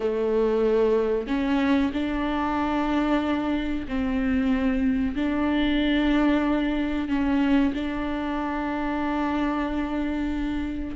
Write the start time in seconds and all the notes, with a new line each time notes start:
0.00 A3
1.27 C#4
1.93 D4
3.88 C4
5.15 D4
7.08 C#4
7.74 D4